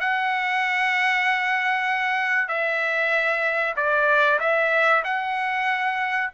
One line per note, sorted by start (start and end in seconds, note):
0.00 2.48 F#5
2.48 3.74 E5
3.76 4.39 D5
4.39 5.02 E5
5.04 6.30 F#5